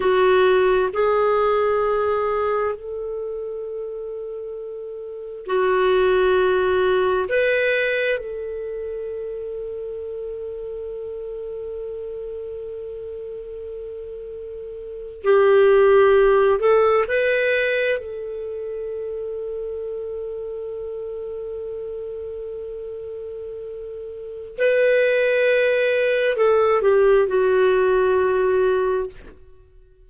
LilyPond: \new Staff \with { instrumentName = "clarinet" } { \time 4/4 \tempo 4 = 66 fis'4 gis'2 a'4~ | a'2 fis'2 | b'4 a'2.~ | a'1~ |
a'8. g'4. a'8 b'4 a'16~ | a'1~ | a'2. b'4~ | b'4 a'8 g'8 fis'2 | }